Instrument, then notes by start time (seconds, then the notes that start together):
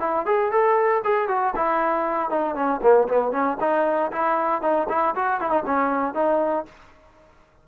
trombone
0.00 E4
0.26 G#4
0.52 A4
1.04 G#4
1.28 F#4
1.56 E4
2.30 D#4
2.55 C#4
2.82 A#3
3.08 B3
3.32 C#4
3.60 D#4
4.12 E4
4.62 D#4
4.89 E4
5.15 F#4
5.41 E4
5.50 D#4
5.66 C#4
6.14 D#4